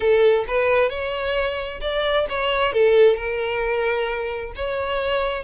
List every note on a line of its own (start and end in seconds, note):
0.00 0.45 A4
0.47 0.89 B4
0.89 1.80 C#5
1.81 2.26 D5
2.29 2.73 C#5
2.73 3.16 A4
3.16 4.52 A#4
4.55 5.43 C#5